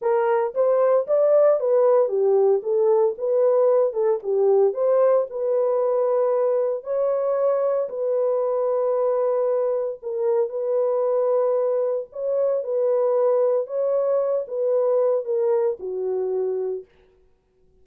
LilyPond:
\new Staff \with { instrumentName = "horn" } { \time 4/4 \tempo 4 = 114 ais'4 c''4 d''4 b'4 | g'4 a'4 b'4. a'8 | g'4 c''4 b'2~ | b'4 cis''2 b'4~ |
b'2. ais'4 | b'2. cis''4 | b'2 cis''4. b'8~ | b'4 ais'4 fis'2 | }